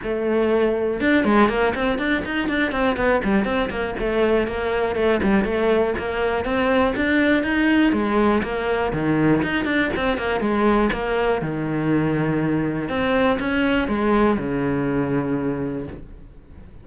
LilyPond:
\new Staff \with { instrumentName = "cello" } { \time 4/4 \tempo 4 = 121 a2 d'8 gis8 ais8 c'8 | d'8 dis'8 d'8 c'8 b8 g8 c'8 ais8 | a4 ais4 a8 g8 a4 | ais4 c'4 d'4 dis'4 |
gis4 ais4 dis4 dis'8 d'8 | c'8 ais8 gis4 ais4 dis4~ | dis2 c'4 cis'4 | gis4 cis2. | }